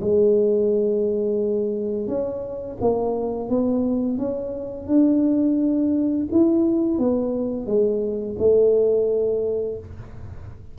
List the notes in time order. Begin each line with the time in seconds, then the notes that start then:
0.00 G#3
2.07 C#4
2.81 A#3
3.49 B3
4.18 C#4
4.87 D4
6.31 E4
6.98 B3
7.66 G#3
8.38 A3